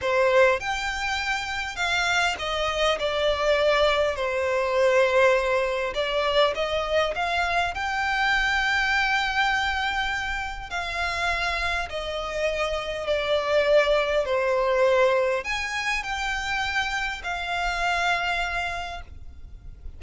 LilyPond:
\new Staff \with { instrumentName = "violin" } { \time 4/4 \tempo 4 = 101 c''4 g''2 f''4 | dis''4 d''2 c''4~ | c''2 d''4 dis''4 | f''4 g''2.~ |
g''2 f''2 | dis''2 d''2 | c''2 gis''4 g''4~ | g''4 f''2. | }